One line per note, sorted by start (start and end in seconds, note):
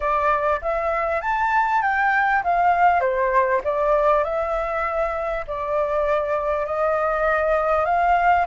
0.00 0.60 D5
0.61 1.21 E5
1.21 1.82 A5
1.82 2.42 G5
2.43 3.00 F5
3.00 3.61 C5
3.64 4.24 D5
4.24 5.45 E5
5.47 6.65 D5
6.65 7.85 D#5
7.85 8.45 F5